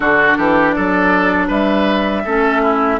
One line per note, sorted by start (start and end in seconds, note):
0.00 0.35 D3
0.00 2.25 D4
0.00 0.37 F#4
0.00 0.71 A4
0.37 0.75 E3
0.37 0.75 G4
0.71 1.47 A4
0.71 1.46 D5
0.77 1.49 F#3
1.47 2.24 G3
1.47 2.22 B4
1.47 3.00 E5
2.24 3.00 A3
2.24 3.00 C#4
2.24 2.61 A4
2.62 2.99 E4